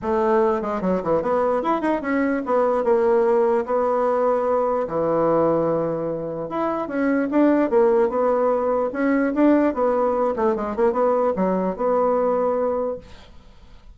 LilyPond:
\new Staff \with { instrumentName = "bassoon" } { \time 4/4 \tempo 4 = 148 a4. gis8 fis8 e8 b4 | e'8 dis'8 cis'4 b4 ais4~ | ais4 b2. | e1 |
e'4 cis'4 d'4 ais4 | b2 cis'4 d'4 | b4. a8 gis8 ais8 b4 | fis4 b2. | }